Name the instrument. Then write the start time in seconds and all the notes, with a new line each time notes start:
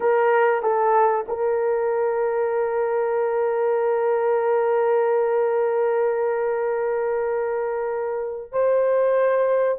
horn
0.00 A#4
0.62 A4
1.28 A#4
8.51 C5